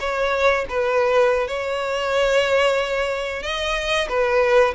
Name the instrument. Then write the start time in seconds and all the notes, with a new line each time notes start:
violin
0.00 C#5
0.69 B4
1.47 C#5
3.42 D#5
4.08 B4